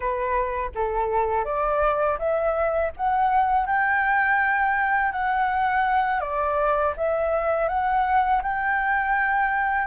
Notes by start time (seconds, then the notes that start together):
0.00 B4
0.75 A4
1.44 D5
2.19 E5
2.96 F#5
3.66 G5
5.12 F#5
6.20 D5
6.96 E5
7.68 F#5
8.42 G5